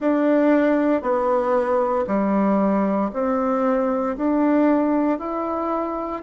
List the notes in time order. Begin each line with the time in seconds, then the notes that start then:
0.00 D4
1.02 B3
2.07 G3
3.13 C4
4.17 D4
5.19 E4